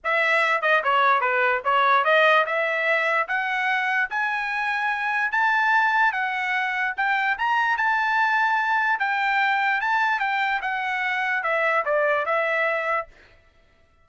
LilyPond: \new Staff \with { instrumentName = "trumpet" } { \time 4/4 \tempo 4 = 147 e''4. dis''8 cis''4 b'4 | cis''4 dis''4 e''2 | fis''2 gis''2~ | gis''4 a''2 fis''4~ |
fis''4 g''4 ais''4 a''4~ | a''2 g''2 | a''4 g''4 fis''2 | e''4 d''4 e''2 | }